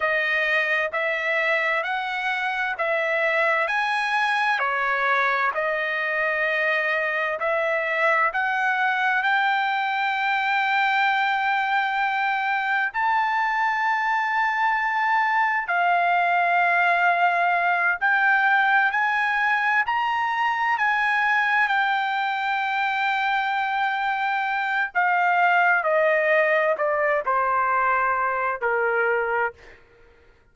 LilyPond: \new Staff \with { instrumentName = "trumpet" } { \time 4/4 \tempo 4 = 65 dis''4 e''4 fis''4 e''4 | gis''4 cis''4 dis''2 | e''4 fis''4 g''2~ | g''2 a''2~ |
a''4 f''2~ f''8 g''8~ | g''8 gis''4 ais''4 gis''4 g''8~ | g''2. f''4 | dis''4 d''8 c''4. ais'4 | }